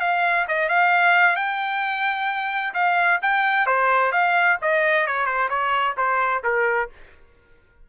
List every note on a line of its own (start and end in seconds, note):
0.00 0.46 F5
0.48 0.69 D#5
0.69 1.36 F5
1.36 2.74 G5
2.74 3.20 F5
3.22 3.66 G5
3.66 4.12 C5
4.12 4.58 F5
4.62 5.07 D#5
5.07 5.26 C#5
5.26 5.49 C5
5.49 5.95 C#5
5.97 6.43 C5
6.44 6.89 A#4